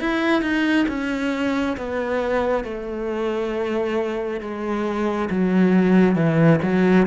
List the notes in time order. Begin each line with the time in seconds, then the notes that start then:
0.00 E4
0.42 D#4
0.89 C#4
1.77 B3
2.65 A3
4.41 G#3
5.31 F#3
6.16 E3
6.63 F#3